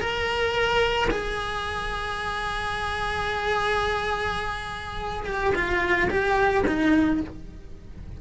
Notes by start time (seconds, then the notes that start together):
0.00 A#4
1.10 G#4
5.26 G4
5.55 F4
6.10 G4
6.67 D#4